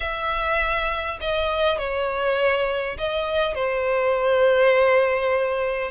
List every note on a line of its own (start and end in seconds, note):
0.00 1.19 E5
1.20 1.78 D#5
1.78 2.97 C#5
2.97 3.54 D#5
3.54 5.91 C5